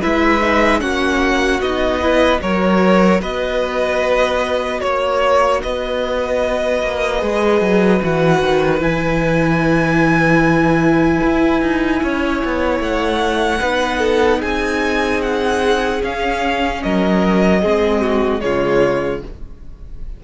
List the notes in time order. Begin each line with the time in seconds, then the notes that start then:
0.00 G#3 E4 B4 E5
0.40 D#4
0.80 A#3 C#4 F#4 F#5
1.60 B3 D#4 D#5
2.00 E4 B4
2.40 F#3 F#4 A#4 C#5
3.20 B3 B4 D#5
4.81 A#3 C#5
5.62 B3 B4 D#5
6.82 A#3
7.18 G#3 G#4
7.61 F#3
8.01 E3 F#4 F#5
8.41 D#3
8.80 E3 E4 G#5
11.23 E4
11.62 D#4
12.03 C#4 C#5
12.45 B3
12.80 A3 F#5
13.60 B3 D#4 B4
13.99 A4
14.39 C4 G#4 G#5
15.21 F#5
16.01 C#4 F5
16.83 F#3 A#4 D#5
17.62 G#3 C4 G#4
18.01 F#4
18.40 C#3 G#3 F4 C#5